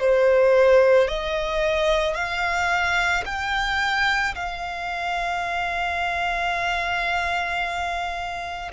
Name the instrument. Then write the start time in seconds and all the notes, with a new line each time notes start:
violin
0.00 C5
1.08 D#5
2.15 F5
3.25 G5
4.35 F5